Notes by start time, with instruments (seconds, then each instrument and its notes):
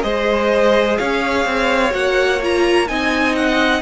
0.00 cello G#3, viola G#4, violin C5 D#5
0.97 cello C#4, violin C#5 F5
1.45 cello C4
1.90 cello A#3, viola F#4, violin F#5
2.42 viola F4, violin A#5
2.87 cello C4, viola D#4, violin D#5 G#5
3.36 violin F#5